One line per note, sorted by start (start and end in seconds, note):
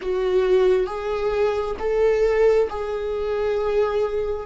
0.01 0.86 F#4
0.86 1.76 G#4
1.79 2.68 A4
2.69 4.46 G#4